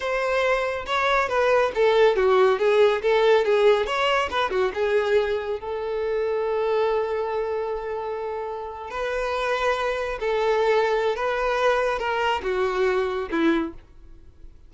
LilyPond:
\new Staff \with { instrumentName = "violin" } { \time 4/4 \tempo 4 = 140 c''2 cis''4 b'4 | a'4 fis'4 gis'4 a'4 | gis'4 cis''4 b'8 fis'8 gis'4~ | gis'4 a'2.~ |
a'1~ | a'8. b'2. a'16~ | a'2 b'2 | ais'4 fis'2 e'4 | }